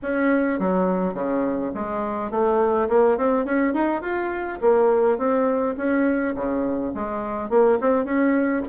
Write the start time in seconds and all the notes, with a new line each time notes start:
0.02 C#4
0.59 F#3
1.14 C#3
1.74 G#3
2.31 A3
2.88 A#3
3.17 C4
3.45 C#4
3.73 D#4
4.01 F4
4.61 A#3
5.17 C4
5.77 C#4
6.35 C#3
6.94 G#3
7.49 A#3
7.80 C4
8.04 C#4